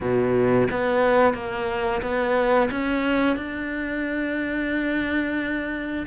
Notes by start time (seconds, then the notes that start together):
0.00 B2
0.70 B3
1.34 A#3
2.02 B3
2.70 C#4
3.36 D4